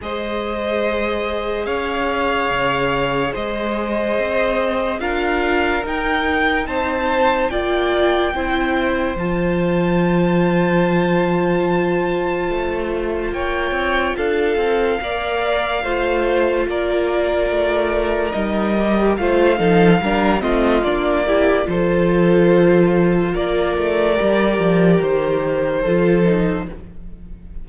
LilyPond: <<
  \new Staff \with { instrumentName = "violin" } { \time 4/4 \tempo 4 = 72 dis''2 f''2 | dis''2 f''4 g''4 | a''4 g''2 a''4~ | a''1 |
g''4 f''2. | d''2 dis''4 f''4~ | f''8 dis''8 d''4 c''2 | d''2 c''2 | }
  \new Staff \with { instrumentName = "violin" } { \time 4/4 c''2 cis''2 | c''2 ais'2 | c''4 d''4 c''2~ | c''1 |
cis''4 a'4 d''4 c''4 | ais'2. c''8 a'8 | ais'8 f'4 g'8 a'2 | ais'2. a'4 | }
  \new Staff \with { instrumentName = "viola" } { \time 4/4 gis'1~ | gis'2 f'4 dis'4~ | dis'4 f'4 e'4 f'4~ | f'1~ |
f'2 ais'4 f'4~ | f'2 dis'8 g'8 f'8 dis'8 | d'8 c'8 d'8 e'8 f'2~ | f'4 g'2 f'8 dis'8 | }
  \new Staff \with { instrumentName = "cello" } { \time 4/4 gis2 cis'4 cis4 | gis4 c'4 d'4 dis'4 | c'4 ais4 c'4 f4~ | f2. a4 |
ais8 c'8 d'8 c'8 ais4 a4 | ais4 a4 g4 a8 f8 | g8 a8 ais4 f2 | ais8 a8 g8 f8 dis4 f4 | }
>>